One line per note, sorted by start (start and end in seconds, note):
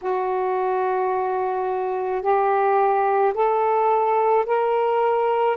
0.01 2.22 F#4
2.22 3.33 G4
3.33 4.44 A4
4.45 5.56 A#4